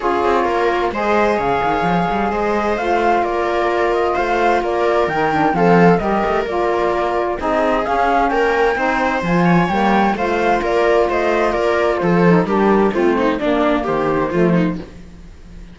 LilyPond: <<
  \new Staff \with { instrumentName = "flute" } { \time 4/4 \tempo 4 = 130 cis''2 dis''4 f''4~ | f''4 dis''4 f''4 d''4~ | d''8 dis''8 f''4 d''4 g''4 | f''4 dis''4 d''2 |
dis''4 f''4 g''2 | gis''4 g''4 f''4 d''4 | dis''4 d''4 c''4 ais'4 | c''4 d''4 c''2 | }
  \new Staff \with { instrumentName = "viola" } { \time 4/4 gis'4 ais'4 c''4 cis''4~ | cis''4 c''2 ais'4~ | ais'4 c''4 ais'2 | a'4 ais'2. |
gis'2 ais'4 c''4~ | c''8 cis''4. c''4 ais'4 | c''4 ais'4 a'4 g'4 | f'8 dis'8 d'4 g'4 f'8 dis'8 | }
  \new Staff \with { instrumentName = "saxophone" } { \time 4/4 f'2 gis'2~ | gis'2 f'2~ | f'2. dis'8 d'8 | c'4 g'4 f'2 |
dis'4 cis'2 dis'4 | f'4 ais4 f'2~ | f'2~ f'8 dis'8 d'4 | c'4 ais2 a4 | }
  \new Staff \with { instrumentName = "cello" } { \time 4/4 cis'8 c'8 ais4 gis4 cis8 dis8 | f8 g8 gis4 a4 ais4~ | ais4 a4 ais4 dis4 | f4 g8 a8 ais2 |
c'4 cis'4 ais4 c'4 | f4 g4 a4 ais4 | a4 ais4 f4 g4 | a4 ais4 dis4 f4 | }
>>